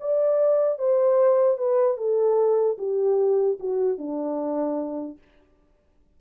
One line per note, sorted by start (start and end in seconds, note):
0.00 0.78 D5
0.78 1.57 C5
1.57 1.97 B4
1.97 2.77 A4
2.78 3.58 G4
3.59 3.98 F#4
3.98 5.18 D4